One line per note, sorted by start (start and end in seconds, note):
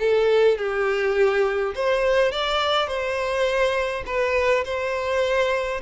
0.00 0.58 A4
0.58 1.75 G4
1.76 2.32 C5
2.32 2.88 D5
2.88 4.04 C5
4.07 4.65 B4
4.65 5.82 C5